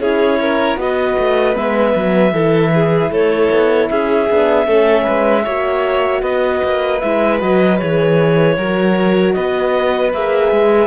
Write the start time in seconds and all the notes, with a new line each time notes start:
0.00 C#4 E4 G#4 C#5
0.41 A#4
0.76 B3 F#4 B4 D#5
1.18 A3
1.55 G#3 B3 E5
1.96 F#3
2.32 E3 E4 A4
2.74 G#4
3.11 A3 A4 C#5
3.51 B3
3.90 C#4 G#4 E5
4.30 B3 D4
4.66 A3 C#4 A4
5.04 G#3 B4
5.44 A#3 F#4 C#5
6.22 B3 B4 D#5
6.63 A#3
7.00 G#3 E4 E5
7.39 F#3 F#4 D#5
7.79 E3 G#4 C#5
8.57 F#3 F#4 A#4
9.33 B3 B4 D#5
10.13 A#3 G#4 E5
10.52 G#3